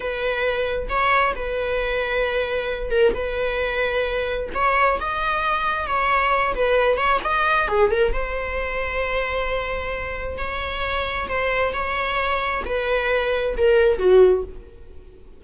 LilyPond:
\new Staff \with { instrumentName = "viola" } { \time 4/4 \tempo 4 = 133 b'2 cis''4 b'4~ | b'2~ b'8 ais'8 b'4~ | b'2 cis''4 dis''4~ | dis''4 cis''4. b'4 cis''8 |
dis''4 gis'8 ais'8 c''2~ | c''2. cis''4~ | cis''4 c''4 cis''2 | b'2 ais'4 fis'4 | }